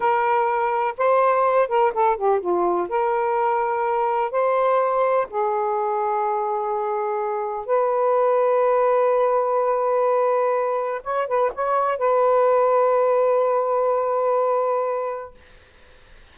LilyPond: \new Staff \with { instrumentName = "saxophone" } { \time 4/4 \tempo 4 = 125 ais'2 c''4. ais'8 | a'8 g'8 f'4 ais'2~ | ais'4 c''2 gis'4~ | gis'1 |
b'1~ | b'2. cis''8 b'8 | cis''4 b'2.~ | b'1 | }